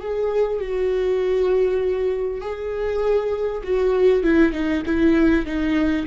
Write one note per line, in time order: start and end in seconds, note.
0.00 0.60 G#4
0.60 2.41 F#4
2.41 3.62 G#4
3.63 4.23 F#4
4.23 4.52 E4
4.52 4.83 D#4
4.85 5.45 E4
5.45 6.06 D#4